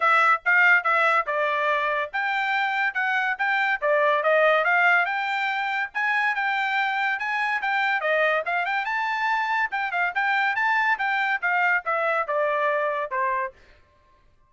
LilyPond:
\new Staff \with { instrumentName = "trumpet" } { \time 4/4 \tempo 4 = 142 e''4 f''4 e''4 d''4~ | d''4 g''2 fis''4 | g''4 d''4 dis''4 f''4 | g''2 gis''4 g''4~ |
g''4 gis''4 g''4 dis''4 | f''8 g''8 a''2 g''8 f''8 | g''4 a''4 g''4 f''4 | e''4 d''2 c''4 | }